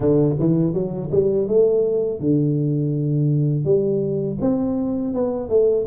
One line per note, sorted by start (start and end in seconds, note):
0.00 0.36 D3
0.39 0.73 E3
0.73 1.10 F#3
1.11 1.47 G3
1.47 2.20 A3
2.20 3.64 D3
3.64 4.37 G3
4.41 5.14 C4
5.14 5.49 B3
5.49 5.85 A3